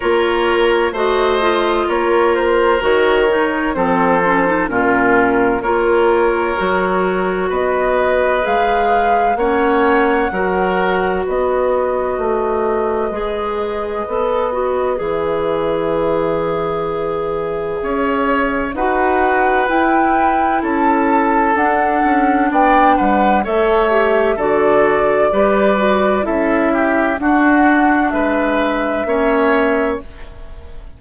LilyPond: <<
  \new Staff \with { instrumentName = "flute" } { \time 4/4 \tempo 4 = 64 cis''4 dis''4 cis''8 c''8 cis''4 | c''4 ais'4 cis''2 | dis''4 f''4 fis''2 | dis''1 |
e''1 | fis''4 g''4 a''4 fis''4 | g''8 fis''8 e''4 d''2 | e''4 fis''4 e''2 | }
  \new Staff \with { instrumentName = "oboe" } { \time 4/4 ais'4 c''4 ais'2 | a'4 f'4 ais'2 | b'2 cis''4 ais'4 | b'1~ |
b'2. cis''4 | b'2 a'2 | d''8 b'8 cis''4 a'4 b'4 | a'8 g'8 fis'4 b'4 cis''4 | }
  \new Staff \with { instrumentName = "clarinet" } { \time 4/4 f'4 fis'8 f'4. fis'8 dis'8 | c'8 cis'16 dis'16 cis'4 f'4 fis'4~ | fis'4 gis'4 cis'4 fis'4~ | fis'2 gis'4 a'8 fis'8 |
gis'1 | fis'4 e'2 d'4~ | d'4 a'8 g'8 fis'4 g'8 fis'8 | e'4 d'2 cis'4 | }
  \new Staff \with { instrumentName = "bassoon" } { \time 4/4 ais4 a4 ais4 dis4 | f4 ais,4 ais4 fis4 | b4 gis4 ais4 fis4 | b4 a4 gis4 b4 |
e2. cis'4 | dis'4 e'4 cis'4 d'8 cis'8 | b8 g8 a4 d4 g4 | cis'4 d'4 gis4 ais4 | }
>>